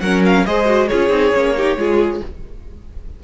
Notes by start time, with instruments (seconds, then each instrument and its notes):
0.00 cello F#3, viola C#4, violin A#4 F#5
0.25 violin F5
0.45 cello G#3, viola G#4, violin C5 D#5
0.66 viola F#4
0.87 cello C#4, viola F4, violin G#4 C#5
1.09 cello C4, viola D#4
1.34 cello A#3, viola C#4
1.56 viola D#4, violin G4
1.76 cello G#3, viola F4, violin G#4